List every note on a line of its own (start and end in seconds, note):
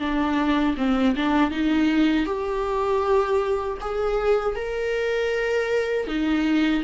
0.00 0.76 D4
0.78 1.16 C4
1.16 1.51 D4
1.51 2.26 D#4
2.26 3.78 G4
3.81 4.56 G#4
4.56 6.08 A#4
6.08 6.84 D#4